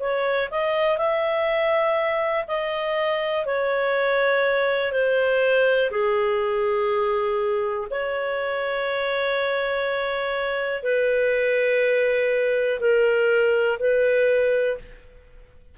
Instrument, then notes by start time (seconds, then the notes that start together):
clarinet
0.00 C#5
0.51 D#5
0.98 E5
2.48 D#5
3.46 C#5
4.93 C5
5.91 G#4
7.90 C#5
10.83 B4
12.80 A#4
13.80 B4